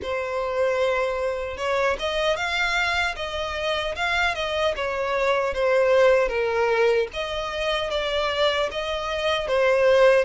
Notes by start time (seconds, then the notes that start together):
0.02 C5
1.57 C#5
1.99 D#5
2.36 F5
3.16 D#5
3.95 F5
4.34 D#5
4.75 C#5
5.54 C5
6.28 A#4
7.13 D#5
7.90 D5
8.71 D#5
9.47 C5